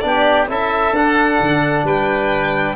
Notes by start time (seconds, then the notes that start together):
0.00 B3 D4 D5
0.07 G4
0.48 C#4 E4 A4 E5
0.93 D4 F#5
1.40 D3
1.84 G3 B4 G5